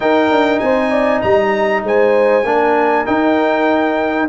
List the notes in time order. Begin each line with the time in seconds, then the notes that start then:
0.00 D#4 A#4 G5
0.30 D4
0.59 C4 C5 G#5
0.90 D5
1.21 G3 D#5 A#5
1.83 G#3 C5 G#5
2.44 A#3 D4 A#4
3.06 D#4 G5